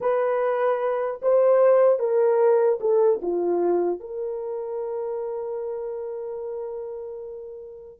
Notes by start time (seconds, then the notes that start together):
0.01 B4
1.21 C5
1.99 A#4
2.80 A4
3.22 F4
4.00 A#4